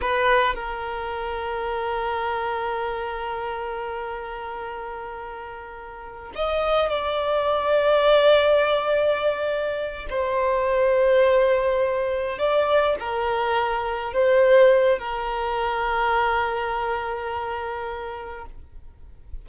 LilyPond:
\new Staff \with { instrumentName = "violin" } { \time 4/4 \tempo 4 = 104 b'4 ais'2.~ | ais'1~ | ais'2. dis''4 | d''1~ |
d''4. c''2~ c''8~ | c''4. d''4 ais'4.~ | ais'8 c''4. ais'2~ | ais'1 | }